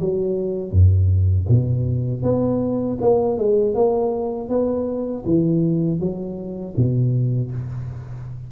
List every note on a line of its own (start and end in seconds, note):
0.00 0.71 F#3
0.71 1.46 F#2
1.48 2.22 B2
2.22 2.97 B3
3.01 3.37 A#3
3.37 3.74 G#3
3.74 4.49 A#3
4.49 5.24 B3
5.25 5.99 E3
5.99 6.74 F#3
6.76 7.51 B2